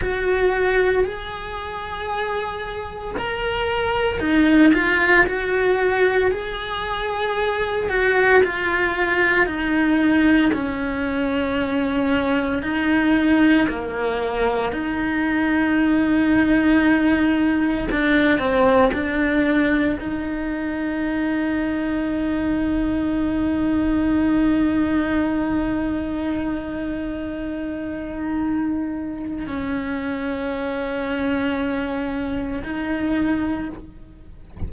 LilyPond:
\new Staff \with { instrumentName = "cello" } { \time 4/4 \tempo 4 = 57 fis'4 gis'2 ais'4 | dis'8 f'8 fis'4 gis'4. fis'8 | f'4 dis'4 cis'2 | dis'4 ais4 dis'2~ |
dis'4 d'8 c'8 d'4 dis'4~ | dis'1~ | dis'1 | cis'2. dis'4 | }